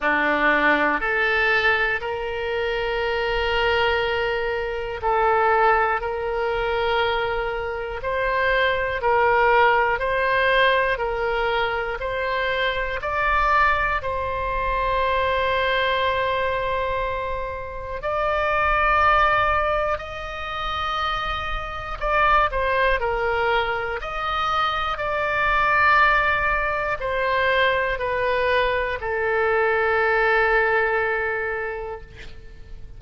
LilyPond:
\new Staff \with { instrumentName = "oboe" } { \time 4/4 \tempo 4 = 60 d'4 a'4 ais'2~ | ais'4 a'4 ais'2 | c''4 ais'4 c''4 ais'4 | c''4 d''4 c''2~ |
c''2 d''2 | dis''2 d''8 c''8 ais'4 | dis''4 d''2 c''4 | b'4 a'2. | }